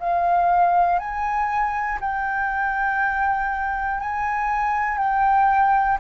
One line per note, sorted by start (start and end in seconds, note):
0.00 0.99 F5
0.99 1.99 G#5
2.01 4.00 G5
4.00 4.98 G#5
4.98 5.98 G5